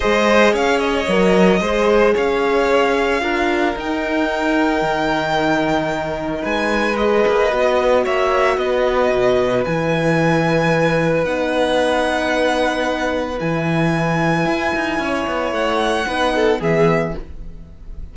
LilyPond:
<<
  \new Staff \with { instrumentName = "violin" } { \time 4/4 \tempo 4 = 112 dis''4 f''8 dis''2~ dis''8 | f''2. g''4~ | g''1 | gis''4 dis''2 e''4 |
dis''2 gis''2~ | gis''4 fis''2.~ | fis''4 gis''2.~ | gis''4 fis''2 e''4 | }
  \new Staff \with { instrumentName = "violin" } { \time 4/4 c''4 cis''2 c''4 | cis''2 ais'2~ | ais'1 | b'2. cis''4 |
b'1~ | b'1~ | b'1 | cis''2 b'8 a'8 gis'4 | }
  \new Staff \with { instrumentName = "horn" } { \time 4/4 gis'2 ais'4 gis'4~ | gis'2 f'4 dis'4~ | dis'1~ | dis'4 gis'4 fis'2~ |
fis'2 e'2~ | e'4 dis'2.~ | dis'4 e'2.~ | e'2 dis'4 b4 | }
  \new Staff \with { instrumentName = "cello" } { \time 4/4 gis4 cis'4 fis4 gis4 | cis'2 d'4 dis'4~ | dis'4 dis2. | gis4. ais8 b4 ais4 |
b4 b,4 e2~ | e4 b2.~ | b4 e2 e'8 dis'8 | cis'8 b8 a4 b4 e4 | }
>>